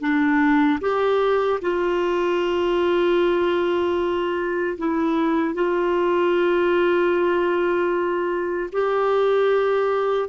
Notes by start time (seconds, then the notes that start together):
0.00 D4
0.81 G4
1.62 F4
4.78 E4
5.54 F4
8.72 G4